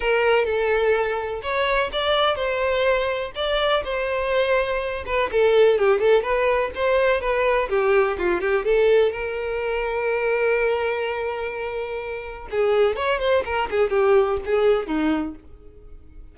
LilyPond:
\new Staff \with { instrumentName = "violin" } { \time 4/4 \tempo 4 = 125 ais'4 a'2 cis''4 | d''4 c''2 d''4 | c''2~ c''8 b'8 a'4 | g'8 a'8 b'4 c''4 b'4 |
g'4 f'8 g'8 a'4 ais'4~ | ais'1~ | ais'2 gis'4 cis''8 c''8 | ais'8 gis'8 g'4 gis'4 dis'4 | }